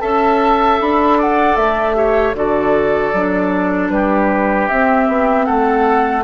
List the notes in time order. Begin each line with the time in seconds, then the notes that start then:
0.00 C#4 A4 E5 A5
0.80 D4 B5
1.18 D5 F#5
1.56 A3 E5
1.94 G4 C#5
2.34 D3 F#4 A4 D5
3.13 F#3 D4
3.90 G3 G4 B4
4.68 C4 E5
5.08 B3
5.45 A3 A4 F#5